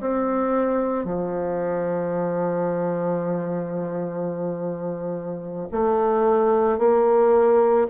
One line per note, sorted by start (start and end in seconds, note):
0.00 1.05 C4
1.05 5.68 F3
5.71 6.78 A3
6.78 7.87 A#3